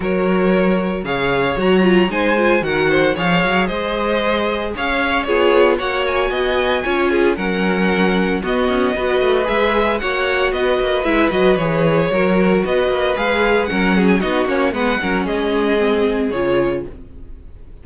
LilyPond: <<
  \new Staff \with { instrumentName = "violin" } { \time 4/4 \tempo 4 = 114 cis''2 f''4 ais''4 | gis''4 fis''4 f''4 dis''4~ | dis''4 f''4 cis''4 fis''8 gis''8~ | gis''2 fis''2 |
dis''2 e''4 fis''4 | dis''4 e''8 dis''8 cis''2 | dis''4 f''4 fis''8. gis''16 dis''8 cis''8 | fis''4 dis''2 cis''4 | }
  \new Staff \with { instrumentName = "violin" } { \time 4/4 ais'2 cis''2 | c''4 ais'8 c''8 cis''4 c''4~ | c''4 cis''4 gis'4 cis''4 | dis''4 cis''8 gis'8 ais'2 |
fis'4 b'2 cis''4 | b'2. ais'4 | b'2 ais'8 gis'8 fis'4 | b'8 ais'8 gis'2. | }
  \new Staff \with { instrumentName = "viola" } { \time 4/4 fis'2 gis'4 fis'8 f'8 | dis'8 f'8 fis'4 gis'2~ | gis'2 f'4 fis'4~ | fis'4 f'4 cis'2 |
b4 fis'4 gis'4 fis'4~ | fis'4 e'8 fis'8 gis'4 fis'4~ | fis'4 gis'4 cis'4 dis'8 cis'8 | b8 cis'4. c'4 f'4 | }
  \new Staff \with { instrumentName = "cello" } { \time 4/4 fis2 cis4 fis4 | gis4 dis4 f8 fis8 gis4~ | gis4 cis'4 b4 ais4 | b4 cis'4 fis2 |
b8 cis'8 b8 a8 gis4 ais4 | b8 ais8 gis8 fis8 e4 fis4 | b8 ais8 gis4 fis4 b8 ais8 | gis8 fis8 gis2 cis4 | }
>>